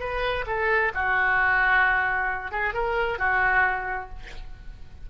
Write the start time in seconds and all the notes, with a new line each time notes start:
0.00 B4
0.47 A4
0.94 F#4
2.52 G#4
2.74 A#4
3.19 F#4